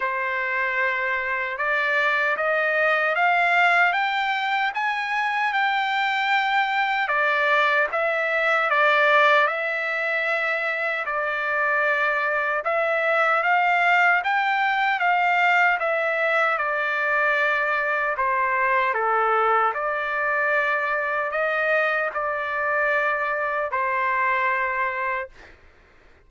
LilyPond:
\new Staff \with { instrumentName = "trumpet" } { \time 4/4 \tempo 4 = 76 c''2 d''4 dis''4 | f''4 g''4 gis''4 g''4~ | g''4 d''4 e''4 d''4 | e''2 d''2 |
e''4 f''4 g''4 f''4 | e''4 d''2 c''4 | a'4 d''2 dis''4 | d''2 c''2 | }